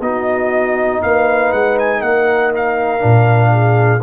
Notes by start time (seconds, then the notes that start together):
0.00 B3 D#4 F#4 D#5
1.02 A#3 B4 F5
1.52 G#3 F#5
1.79 G#5
2.00 A#3 A#4 F#5
2.56 F5
2.99 A#2 D4
3.50 G#4